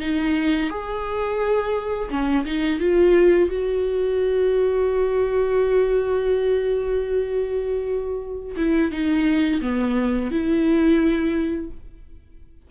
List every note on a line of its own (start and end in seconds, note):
0.00 0.69 D#4
0.69 2.09 G#4
2.09 2.44 C#4
2.45 2.79 D#4
2.80 3.49 F4
3.49 8.55 F#4
8.56 8.91 E4
8.91 9.61 D#4
9.61 10.31 B3
10.31 11.70 E4